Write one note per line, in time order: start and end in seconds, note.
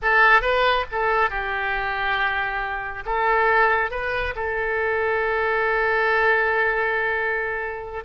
0.01 0.41 A4
0.41 0.85 B4
0.91 1.30 A4
1.30 3.04 G4
3.05 3.91 A4
3.91 4.34 B4
4.35 8.04 A4